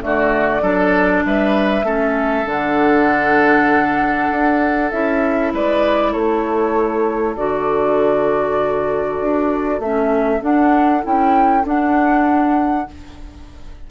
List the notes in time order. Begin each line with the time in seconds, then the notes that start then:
0.00 D3 A3 D5
0.06 F#4
0.61 F#3 D4 A4
1.26 G3 B4 E5
1.83 A3 C#4 A4
2.46 D3 D4 F#5
4.31 D4
4.91 C#4 E4 E5
5.54 G#3 B4 D5
6.12 A3 A4 C#5
7.36 D3 F#4 D5
9.21 D4
9.79 A3 C#4 E5
10.40 D4 F#5
11.03 C#4 E4 G5
11.64 D4 F#5